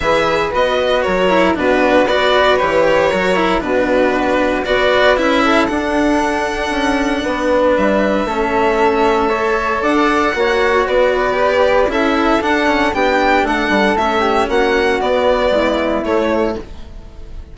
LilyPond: <<
  \new Staff \with { instrumentName = "violin" } { \time 4/4 \tempo 4 = 116 e''4 dis''4 cis''4 b'4 | d''4 cis''2 b'4~ | b'4 d''4 e''4 fis''4~ | fis''2. e''4~ |
e''2. fis''4~ | fis''4 d''2 e''4 | fis''4 g''4 fis''4 e''4 | fis''4 d''2 cis''4 | }
  \new Staff \with { instrumentName = "flute" } { \time 4/4 b'2 ais'4 fis'4 | b'2 ais'4 fis'4~ | fis'4 b'4. a'4.~ | a'2 b'2 |
a'2 cis''4 d''4 | cis''4 b'2 a'4~ | a'4 g'4 a'4. g'8 | fis'2 e'2 | }
  \new Staff \with { instrumentName = "cello" } { \time 4/4 gis'4 fis'4. e'8 d'4 | fis'4 g'4 fis'8 e'8 d'4~ | d'4 fis'4 e'4 d'4~ | d'1 |
cis'2 a'2 | fis'2 g'4 e'4 | d'8 cis'8 d'2 cis'4~ | cis'4 b2 a4 | }
  \new Staff \with { instrumentName = "bassoon" } { \time 4/4 e4 b4 fis4 b,4 | b4 e4 fis4 b,4~ | b,4 b4 cis'4 d'4~ | d'4 cis'4 b4 g4 |
a2. d'4 | ais4 b2 cis'4 | d'4 b4 a8 g8 a4 | ais4 b4 gis4 a4 | }
>>